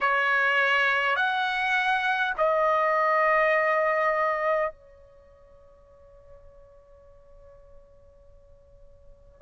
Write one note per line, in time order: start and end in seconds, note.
0.00 1.16 C#5
1.16 2.33 F#5
2.37 4.71 D#5
4.71 9.41 C#5